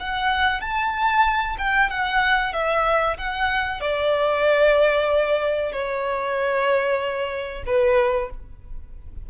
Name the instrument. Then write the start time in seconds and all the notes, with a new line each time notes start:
violin
0.00 F#5
0.61 A5
1.58 G5
1.90 F#5
2.53 E5
3.17 F#5
3.81 D5
5.72 C#5
7.66 B4